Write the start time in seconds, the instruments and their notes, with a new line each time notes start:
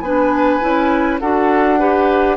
0.00 bassoon B3, clarinet D4, oboe B4, flute G#5
0.61 bassoon C#4, clarinet E4
1.20 bassoon D4, clarinet F#4, oboe A4, flute F#5
1.79 clarinet G4, oboe B4